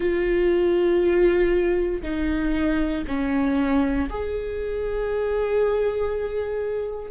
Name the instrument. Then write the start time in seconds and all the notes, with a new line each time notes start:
viola
0.00 F4
2.02 D#4
3.07 C#4
4.09 G#4